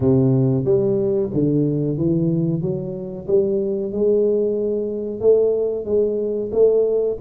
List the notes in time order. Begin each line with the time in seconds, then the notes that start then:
0.00 C3
0.64 G3
1.33 D3
1.97 E3
2.61 F#3
3.27 G3
3.92 G#3
5.20 A3
5.85 G#3
6.52 A3